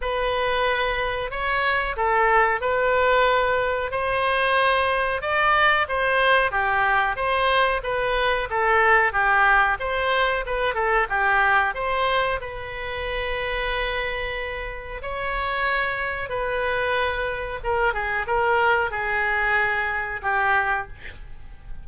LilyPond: \new Staff \with { instrumentName = "oboe" } { \time 4/4 \tempo 4 = 92 b'2 cis''4 a'4 | b'2 c''2 | d''4 c''4 g'4 c''4 | b'4 a'4 g'4 c''4 |
b'8 a'8 g'4 c''4 b'4~ | b'2. cis''4~ | cis''4 b'2 ais'8 gis'8 | ais'4 gis'2 g'4 | }